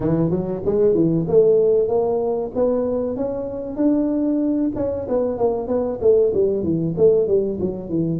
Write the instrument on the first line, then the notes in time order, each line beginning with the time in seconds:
tuba
0.00 E3
0.30 F#3
0.65 G#3
0.94 E3
1.28 A3
1.88 A#3
2.55 B3
3.16 C#4
3.76 D4
4.75 C#4
5.08 B3
5.38 A#3
5.67 B3
6.01 A3
6.34 G3
6.63 E3
6.97 A3
7.27 G3
7.60 F#3
7.89 E3